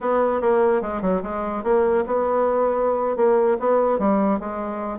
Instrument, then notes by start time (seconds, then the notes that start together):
bassoon
0.00 B3
0.41 A#3
0.81 G#3
1.01 F#3
1.22 G#3
1.63 A#3
2.06 B3
3.16 A#3
3.59 B3
3.98 G3
4.39 G#3